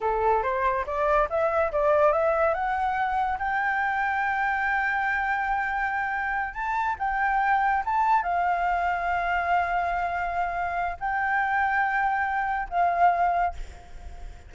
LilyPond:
\new Staff \with { instrumentName = "flute" } { \time 4/4 \tempo 4 = 142 a'4 c''4 d''4 e''4 | d''4 e''4 fis''2 | g''1~ | g''2.~ g''8 a''8~ |
a''8 g''2 a''4 f''8~ | f''1~ | f''2 g''2~ | g''2 f''2 | }